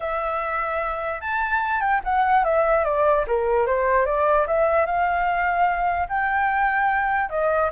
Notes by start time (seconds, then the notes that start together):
0.00 E5
1.20 A5
1.81 G5
2.03 F#5
2.44 E5
2.84 D5
3.27 A#4
3.66 C5
4.05 D5
4.47 E5
4.86 F5
6.08 G5
7.29 D#5